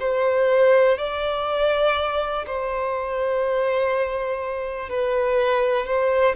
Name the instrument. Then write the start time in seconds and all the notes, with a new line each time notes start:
violin
0.00 C5
0.98 D5
2.47 C5
4.90 B4
5.86 C5